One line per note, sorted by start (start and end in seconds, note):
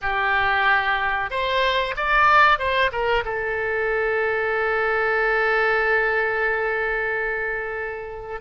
0.01 1.30 G4
1.30 1.94 C5
1.96 2.58 D5
2.58 2.91 C5
2.91 3.24 A#4
3.25 8.40 A4